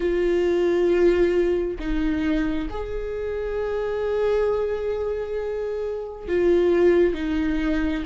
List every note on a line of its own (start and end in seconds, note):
0.00 1.78 F4
1.79 2.69 D#4
2.69 6.27 G#4
6.27 7.14 F4
7.14 8.03 D#4